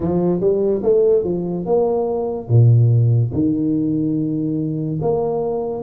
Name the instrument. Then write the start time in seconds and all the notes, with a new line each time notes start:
tuba
0.00 F3
0.40 G3
0.83 A3
1.23 F3
1.65 A#3
2.48 A#2
3.33 D#3
5.01 A#3